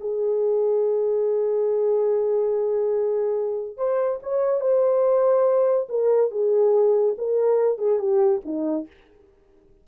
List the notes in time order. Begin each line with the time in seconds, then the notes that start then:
0.00 G#4
3.77 C5
4.23 C#5
4.61 C5
5.88 A#4
6.31 G#4
7.17 A#4
7.78 G#4
7.99 G4
8.45 D#4